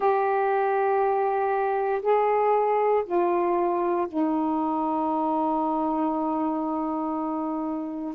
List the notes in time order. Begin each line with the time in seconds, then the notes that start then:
0.00 G4
2.02 G#4
3.05 F4
4.07 D#4